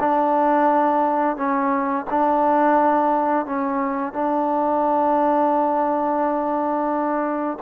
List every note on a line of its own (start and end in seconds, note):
0.00 1.37 D4
1.37 2.06 C#4
2.10 3.46 D4
3.46 4.13 C#4
4.13 7.58 D4